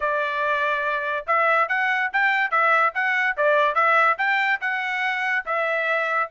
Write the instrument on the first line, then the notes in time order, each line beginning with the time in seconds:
trumpet
0.00 D5
1.26 E5
1.68 F#5
2.12 G5
2.50 E5
2.94 F#5
3.36 D5
3.75 E5
4.18 G5
4.61 F#5
5.45 E5